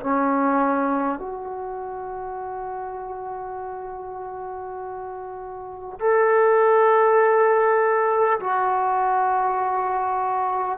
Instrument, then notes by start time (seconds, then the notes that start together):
trombone
0.00 C#4
1.19 F#4
5.99 A4
8.39 F#4